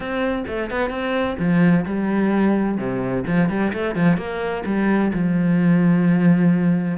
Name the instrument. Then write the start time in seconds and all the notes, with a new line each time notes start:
cello
0.00 C4
0.47 A3
0.70 B3
0.90 C4
1.38 F3
1.85 G3
2.77 C3
3.26 F3
3.49 G3
3.73 A3
3.95 F3
4.17 A#3
4.65 G3
5.13 F3